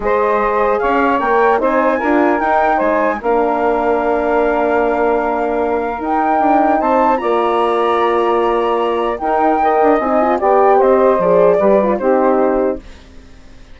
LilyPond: <<
  \new Staff \with { instrumentName = "flute" } { \time 4/4 \tempo 4 = 150 dis''2 f''4 g''4 | gis''2 g''4 gis''4 | f''1~ | f''2. g''4~ |
g''4 a''4 ais''2~ | ais''2. g''4~ | g''4 gis''4 g''4 dis''4 | d''2 c''2 | }
  \new Staff \with { instrumentName = "saxophone" } { \time 4/4 c''2 cis''2 | c''4 ais'2 c''4 | ais'1~ | ais'1~ |
ais'4 c''4 d''2~ | d''2. ais'4 | dis''2 d''4 c''4~ | c''4 b'4 g'2 | }
  \new Staff \with { instrumentName = "horn" } { \time 4/4 gis'2. ais'4 | dis'4 f'4 dis'2 | d'1~ | d'2. dis'4~ |
dis'2 f'2~ | f'2. dis'4 | ais'4 dis'8 f'8 g'2 | gis'4 g'8 f'8 dis'2 | }
  \new Staff \with { instrumentName = "bassoon" } { \time 4/4 gis2 cis'4 ais4 | c'4 d'4 dis'4 gis4 | ais1~ | ais2. dis'4 |
d'4 c'4 ais2~ | ais2. dis'4~ | dis'8 d'8 c'4 b4 c'4 | f4 g4 c'2 | }
>>